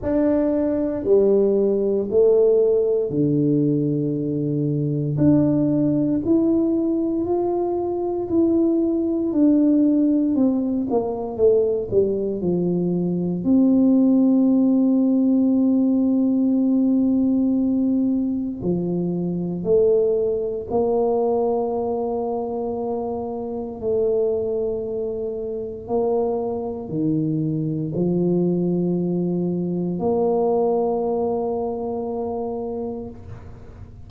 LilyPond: \new Staff \with { instrumentName = "tuba" } { \time 4/4 \tempo 4 = 58 d'4 g4 a4 d4~ | d4 d'4 e'4 f'4 | e'4 d'4 c'8 ais8 a8 g8 | f4 c'2.~ |
c'2 f4 a4 | ais2. a4~ | a4 ais4 dis4 f4~ | f4 ais2. | }